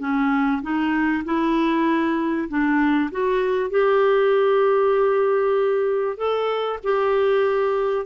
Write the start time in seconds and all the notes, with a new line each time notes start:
0.00 C#4
0.62 D#4
1.25 E4
2.49 D4
3.12 F#4
3.70 G4
6.17 A4
6.84 G4